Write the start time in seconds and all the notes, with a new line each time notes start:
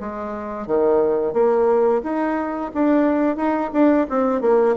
0.00 G#3
0.67 D#3
1.33 A#3
2.03 D#4
2.74 D4
3.36 D#4
3.73 D4
4.09 C4
4.41 A#3